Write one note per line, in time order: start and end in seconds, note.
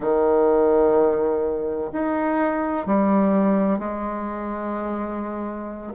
0.00 1.90 D#3
1.92 2.86 D#4
2.86 3.78 G3
3.78 5.93 G#3